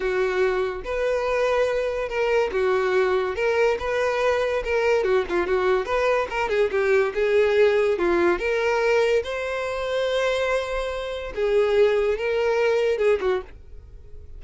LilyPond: \new Staff \with { instrumentName = "violin" } { \time 4/4 \tempo 4 = 143 fis'2 b'2~ | b'4 ais'4 fis'2 | ais'4 b'2 ais'4 | fis'8 f'8 fis'4 b'4 ais'8 gis'8 |
g'4 gis'2 f'4 | ais'2 c''2~ | c''2. gis'4~ | gis'4 ais'2 gis'8 fis'8 | }